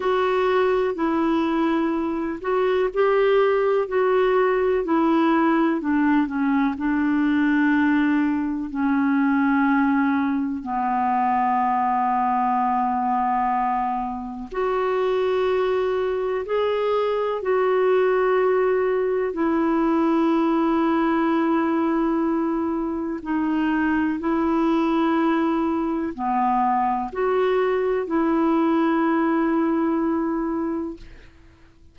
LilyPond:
\new Staff \with { instrumentName = "clarinet" } { \time 4/4 \tempo 4 = 62 fis'4 e'4. fis'8 g'4 | fis'4 e'4 d'8 cis'8 d'4~ | d'4 cis'2 b4~ | b2. fis'4~ |
fis'4 gis'4 fis'2 | e'1 | dis'4 e'2 b4 | fis'4 e'2. | }